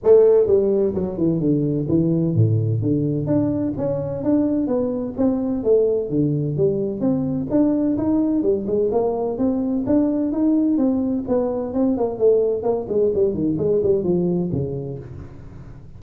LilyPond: \new Staff \with { instrumentName = "tuba" } { \time 4/4 \tempo 4 = 128 a4 g4 fis8 e8 d4 | e4 a,4 d4 d'4 | cis'4 d'4 b4 c'4 | a4 d4 g4 c'4 |
d'4 dis'4 g8 gis8 ais4 | c'4 d'4 dis'4 c'4 | b4 c'8 ais8 a4 ais8 gis8 | g8 dis8 gis8 g8 f4 cis4 | }